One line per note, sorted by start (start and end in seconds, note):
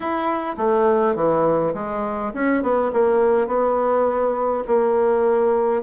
0.00 0.56 E4
0.57 1.15 A3
1.15 1.73 E3
1.74 2.32 G#3
2.34 2.62 C#4
2.62 2.91 B3
2.92 3.47 A#3
3.47 4.63 B3
4.67 5.82 A#3